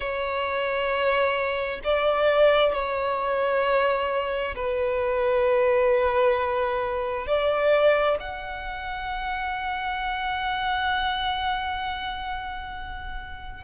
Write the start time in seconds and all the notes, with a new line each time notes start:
0.00 C#5
1.84 D5
2.73 C#5
4.55 B4
7.26 D5
8.19 F#5